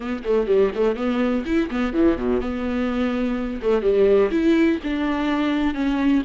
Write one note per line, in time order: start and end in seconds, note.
0.00 0.23 B3
0.24 0.47 A3
0.47 0.71 G3
0.74 0.96 A3
0.96 1.44 B3
1.45 1.69 E4
1.70 1.93 B3
1.93 2.17 E3
2.17 2.40 B2
2.40 3.60 B3
3.62 3.82 A3
3.82 4.30 G3
4.31 4.79 E4
4.83 5.74 D4
5.74 6.22 C#4